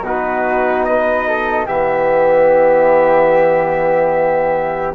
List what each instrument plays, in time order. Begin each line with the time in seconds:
0.00 bassoon B2, trombone D#4, flute F#4, trumpet B4
0.84 flute B4, trumpet D#5
1.27 flute A4
1.65 bassoon E3, trombone B3, flute G4, trumpet E5